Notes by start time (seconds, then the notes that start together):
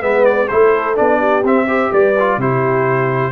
0.00 G#3 B3 B4 E5
0.25 D5
0.48 A3 E4 A4 C5
0.95 B3 D4 D5
1.19 G4
1.43 C4 E5
1.66 G4 C5
1.91 G3 B4 D5
2.19 F4
2.37 C3 E4 G4 C5